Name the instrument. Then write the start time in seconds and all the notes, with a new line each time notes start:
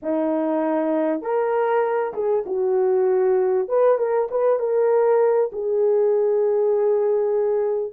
horn
0.02 D#4
1.21 A#4
2.13 G#4
2.46 F#4
3.68 B4
3.98 A#4
4.30 B4
4.59 A#4
5.52 G#4